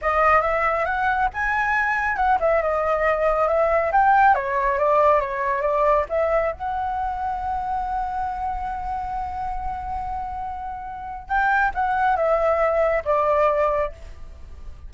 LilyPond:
\new Staff \with { instrumentName = "flute" } { \time 4/4 \tempo 4 = 138 dis''4 e''4 fis''4 gis''4~ | gis''4 fis''8 e''8 dis''2 | e''4 g''4 cis''4 d''4 | cis''4 d''4 e''4 fis''4~ |
fis''1~ | fis''1~ | fis''2 g''4 fis''4 | e''2 d''2 | }